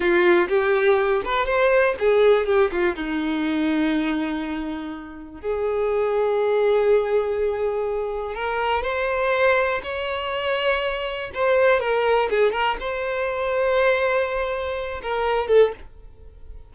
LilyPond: \new Staff \with { instrumentName = "violin" } { \time 4/4 \tempo 4 = 122 f'4 g'4. b'8 c''4 | gis'4 g'8 f'8 dis'2~ | dis'2. gis'4~ | gis'1~ |
gis'4 ais'4 c''2 | cis''2. c''4 | ais'4 gis'8 ais'8 c''2~ | c''2~ c''8 ais'4 a'8 | }